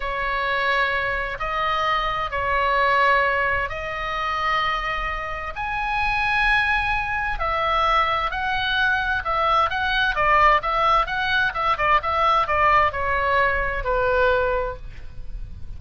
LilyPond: \new Staff \with { instrumentName = "oboe" } { \time 4/4 \tempo 4 = 130 cis''2. dis''4~ | dis''4 cis''2. | dis''1 | gis''1 |
e''2 fis''2 | e''4 fis''4 d''4 e''4 | fis''4 e''8 d''8 e''4 d''4 | cis''2 b'2 | }